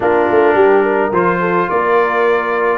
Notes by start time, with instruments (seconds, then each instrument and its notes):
0.00 tuba A#3, trombone D4, horn F4, trumpet A#4
0.30 tuba A3
0.54 tuba G3, horn G4
0.82 horn A#4
1.12 tuba F3, trombone F4, trumpet C5
1.40 horn A4
1.69 tuba A#3, horn A#4, trumpet D5